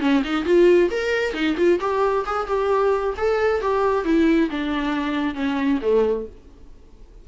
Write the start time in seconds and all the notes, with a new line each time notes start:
0.00 C#4
0.24 D#4
0.45 F4
0.90 A#4
1.33 D#4
1.57 F4
1.80 G4
2.25 G#4
2.46 G4
3.16 A4
3.60 G4
4.04 E4
4.50 D4
5.34 C#4
5.81 A3